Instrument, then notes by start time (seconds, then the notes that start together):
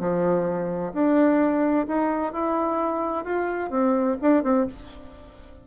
bassoon
0.00 F3
0.94 D4
1.88 D#4
2.33 E4
3.25 F4
3.71 C4
4.22 D4
4.44 C4